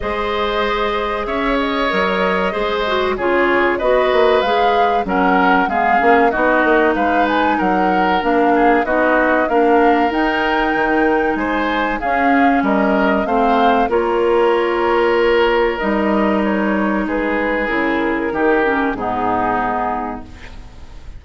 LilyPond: <<
  \new Staff \with { instrumentName = "flute" } { \time 4/4 \tempo 4 = 95 dis''2 e''8 dis''4.~ | dis''4 cis''4 dis''4 f''4 | fis''4 f''4 dis''4 f''8 gis''8 | fis''4 f''4 dis''4 f''4 |
g''2 gis''4 f''4 | dis''4 f''4 cis''2~ | cis''4 dis''4 cis''4 b'4 | ais'2 gis'2 | }
  \new Staff \with { instrumentName = "oboe" } { \time 4/4 c''2 cis''2 | c''4 gis'4 b'2 | ais'4 gis'4 fis'4 b'4 | ais'4. gis'8 fis'4 ais'4~ |
ais'2 c''4 gis'4 | ais'4 c''4 ais'2~ | ais'2. gis'4~ | gis'4 g'4 dis'2 | }
  \new Staff \with { instrumentName = "clarinet" } { \time 4/4 gis'2. ais'4 | gis'8 fis'8 f'4 fis'4 gis'4 | cis'4 b8 cis'8 dis'2~ | dis'4 d'4 dis'4 d'4 |
dis'2. cis'4~ | cis'4 c'4 f'2~ | f'4 dis'2. | e'4 dis'8 cis'8 b2 | }
  \new Staff \with { instrumentName = "bassoon" } { \time 4/4 gis2 cis'4 fis4 | gis4 cis4 b8 ais8 gis4 | fis4 gis8 ais8 b8 ais8 gis4 | fis4 ais4 b4 ais4 |
dis'4 dis4 gis4 cis'4 | g4 a4 ais2~ | ais4 g2 gis4 | cis4 dis4 gis,2 | }
>>